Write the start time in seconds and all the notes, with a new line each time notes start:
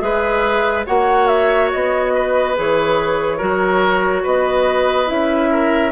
0.00 G#3 G#4 B4 E5
0.86 A#3 F#4 C#5 F#5
1.27 E5
1.72 B3 D#5
2.14 B4
2.56 E3 G#4 C#5
3.37 F#3 F#4 A#4
4.23 B3 B4 D#5
5.06 C#4 E4 E5
5.51 A#4